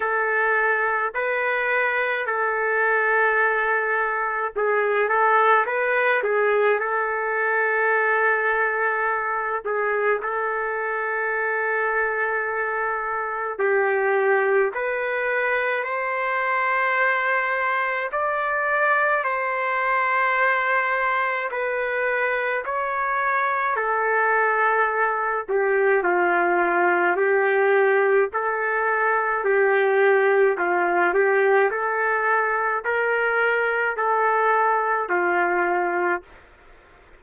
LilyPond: \new Staff \with { instrumentName = "trumpet" } { \time 4/4 \tempo 4 = 53 a'4 b'4 a'2 | gis'8 a'8 b'8 gis'8 a'2~ | a'8 gis'8 a'2. | g'4 b'4 c''2 |
d''4 c''2 b'4 | cis''4 a'4. g'8 f'4 | g'4 a'4 g'4 f'8 g'8 | a'4 ais'4 a'4 f'4 | }